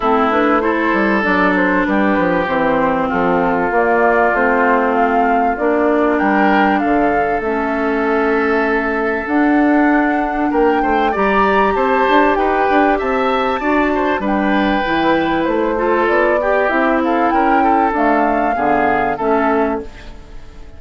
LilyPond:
<<
  \new Staff \with { instrumentName = "flute" } { \time 4/4 \tempo 4 = 97 a'8 b'8 c''4 d''8 c''8 b'4 | c''4 a'4 d''4 c''4 | f''4 d''4 g''4 f''4 | e''2. fis''4~ |
fis''4 g''4 ais''4 a''4 | g''4 a''2 g''4~ | g''4 c''4 d''4 e''8 f''8 | g''4 f''2 e''4 | }
  \new Staff \with { instrumentName = "oboe" } { \time 4/4 e'4 a'2 g'4~ | g'4 f'2.~ | f'2 ais'4 a'4~ | a'1~ |
a'4 ais'8 c''8 d''4 c''4 | b'4 e''4 d''8 c''8 b'4~ | b'4. a'4 g'4 a'8 | ais'8 a'4. gis'4 a'4 | }
  \new Staff \with { instrumentName = "clarinet" } { \time 4/4 c'8 d'8 e'4 d'2 | c'2 ais4 c'4~ | c'4 d'2. | cis'2. d'4~ |
d'2 g'2~ | g'2 fis'4 d'4 | e'4. f'4 g'8 e'4~ | e'4 a4 b4 cis'4 | }
  \new Staff \with { instrumentName = "bassoon" } { \time 4/4 a4. g8 fis4 g8 f8 | e4 f4 ais4 a4~ | a4 ais4 g4 d4 | a2. d'4~ |
d'4 ais8 a8 g4 c'8 d'8 | dis'8 d'8 c'4 d'4 g4 | e4 a4 b4 c'4 | cis'4 d'4 d4 a4 | }
>>